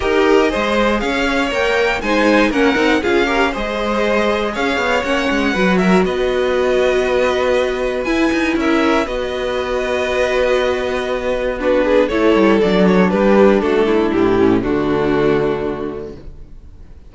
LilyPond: <<
  \new Staff \with { instrumentName = "violin" } { \time 4/4 \tempo 4 = 119 dis''2 f''4 g''4 | gis''4 fis''4 f''4 dis''4~ | dis''4 f''4 fis''4. e''8 | dis''1 |
gis''4 e''4 dis''2~ | dis''2. b'4 | cis''4 d''8 cis''8 b'4 a'4 | g'4 fis'2. | }
  \new Staff \with { instrumentName = "violin" } { \time 4/4 ais'4 c''4 cis''2 | c''4 ais'4 gis'8 ais'8 c''4~ | c''4 cis''2 b'8 ais'8 | b'1~ |
b'4 ais'4 b'2~ | b'2. fis'8 gis'8 | a'2 g'4 fis'8 e'8~ | e'4 d'2. | }
  \new Staff \with { instrumentName = "viola" } { \time 4/4 g'4 gis'2 ais'4 | dis'4 cis'8 dis'8 f'8 g'8 gis'4~ | gis'2 cis'4 fis'4~ | fis'1 |
e'2 fis'2~ | fis'2. d'4 | e'4 d'2.~ | d'8 cis'8 a2. | }
  \new Staff \with { instrumentName = "cello" } { \time 4/4 dis'4 gis4 cis'4 ais4 | gis4 ais8 c'8 cis'4 gis4~ | gis4 cis'8 b8 ais8 gis8 fis4 | b1 |
e'8 dis'8 cis'4 b2~ | b1 | a8 g8 fis4 g4 a4 | a,4 d2. | }
>>